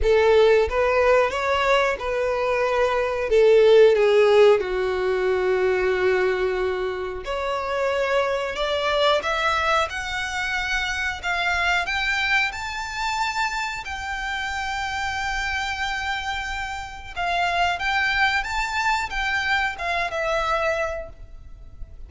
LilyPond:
\new Staff \with { instrumentName = "violin" } { \time 4/4 \tempo 4 = 91 a'4 b'4 cis''4 b'4~ | b'4 a'4 gis'4 fis'4~ | fis'2. cis''4~ | cis''4 d''4 e''4 fis''4~ |
fis''4 f''4 g''4 a''4~ | a''4 g''2.~ | g''2 f''4 g''4 | a''4 g''4 f''8 e''4. | }